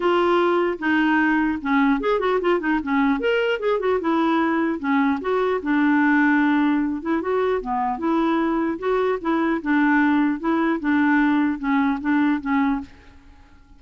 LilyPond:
\new Staff \with { instrumentName = "clarinet" } { \time 4/4 \tempo 4 = 150 f'2 dis'2 | cis'4 gis'8 fis'8 f'8 dis'8 cis'4 | ais'4 gis'8 fis'8 e'2 | cis'4 fis'4 d'2~ |
d'4. e'8 fis'4 b4 | e'2 fis'4 e'4 | d'2 e'4 d'4~ | d'4 cis'4 d'4 cis'4 | }